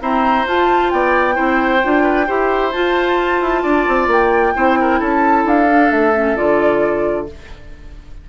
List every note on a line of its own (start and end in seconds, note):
0.00 0.45 C4
0.00 0.47 E4
0.00 0.93 C5
0.00 0.47 A#5
0.47 0.92 F4
0.47 1.34 F4
0.47 0.90 A5
0.90 1.38 B3
0.90 1.35 D5
0.90 2.71 G5
1.34 1.84 C4
1.34 1.79 E4
1.34 2.03 C5
1.84 2.29 D4
1.84 2.27 F4
2.03 2.26 B4
2.27 2.75 E4
2.27 2.72 G4
2.27 3.62 C5
2.71 4.55 F4
2.71 3.41 F4
2.71 4.08 A5
3.41 3.64 E4
3.62 3.87 D4
3.62 4.53 D5
3.88 4.07 C4
4.07 4.53 A#3
4.07 5.03 G5
4.55 5.01 C4
4.55 5.68 E4
4.55 4.79 C5
4.81 4.99 A#4
4.99 5.45 C#4
4.99 7.27 A4
4.99 5.48 A5
5.45 5.91 D4
5.45 5.91 F5
5.68 6.14 D4
5.91 6.37 A3
5.91 6.36 E5
6.14 6.36 C#4
6.36 7.29 D3
6.36 7.27 F4
6.36 7.27 D5